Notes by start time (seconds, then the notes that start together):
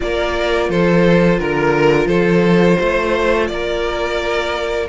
0.00 A#3 F4 A#4 D5
0.69 F3 A4 C5
1.39 D3 A#4
2.06 F3 A4 C5
2.78 A3 C5
3.47 A#3 A#4 D5